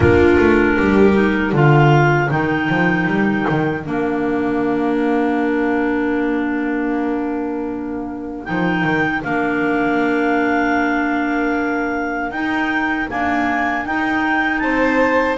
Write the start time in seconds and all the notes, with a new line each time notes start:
0.00 A#3 D4 F4 A#4
0.38 A3
0.77 G3 G4
1.14 D#4
1.52 D3 F4 A#4 F5
2.29 D#3 D#4 G5
2.69 F3
3.07 G3
3.49 D#3
3.83 A#3 D4 F5
8.44 F3 D#4 G5
8.83 D#3
9.23 A#3 D4 F5
12.30 D#4 G5
13.08 A#3 D4 G#5
13.85 D#4 G5
14.59 C4 C5 A5